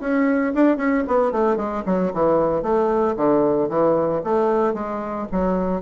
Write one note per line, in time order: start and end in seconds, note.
0.00 0.53 C#4
0.54 0.77 D4
0.77 1.03 C#4
1.07 1.32 B3
1.32 1.56 A3
1.56 1.83 G#3
1.86 2.12 F#3
2.13 2.62 E3
2.62 3.15 A3
3.16 3.69 D3
3.69 4.22 E3
4.24 4.74 A3
4.74 5.27 G#3
5.32 5.82 F#3